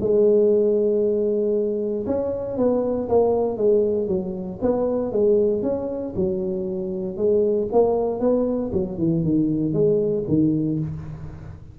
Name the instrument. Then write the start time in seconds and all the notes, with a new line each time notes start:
tuba
0.00 G#3
2.06 C#4
2.57 B3
3.09 A#3
3.57 G#3
4.07 F#3
4.61 B3
5.12 G#3
5.62 C#4
6.15 F#3
7.17 G#3
7.72 A#3
8.20 B3
8.73 F#3
8.98 E3
9.23 D#3
9.73 G#3
10.28 D#3